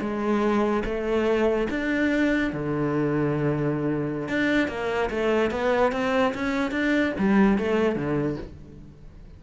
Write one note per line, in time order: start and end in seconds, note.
0.00 0.83 G#3
0.84 1.67 A3
1.70 2.52 D4
2.52 4.28 D3
4.28 4.68 D4
4.68 5.09 A#3
5.10 5.51 A3
5.51 5.92 B3
5.92 6.33 C4
6.34 6.71 C#4
6.71 7.12 D4
7.18 7.58 G3
7.58 7.95 A3
7.95 8.37 D3